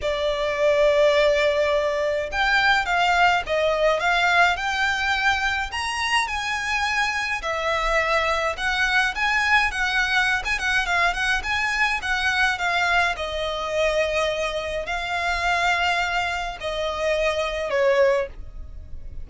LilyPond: \new Staff \with { instrumentName = "violin" } { \time 4/4 \tempo 4 = 105 d''1 | g''4 f''4 dis''4 f''4 | g''2 ais''4 gis''4~ | gis''4 e''2 fis''4 |
gis''4 fis''4~ fis''16 gis''16 fis''8 f''8 fis''8 | gis''4 fis''4 f''4 dis''4~ | dis''2 f''2~ | f''4 dis''2 cis''4 | }